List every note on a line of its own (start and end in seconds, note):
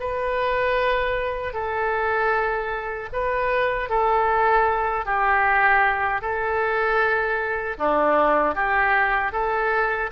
0.00 1.53 B4
1.53 3.09 A4
3.12 3.89 B4
3.89 5.05 A4
5.05 6.22 G4
6.22 7.77 A4
7.78 8.55 D4
8.55 9.32 G4
9.32 10.10 A4